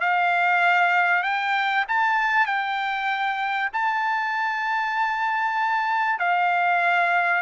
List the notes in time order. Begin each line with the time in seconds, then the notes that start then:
0.00 F5
1.23 G5
1.88 A5
2.46 G5
3.73 A5
6.19 F5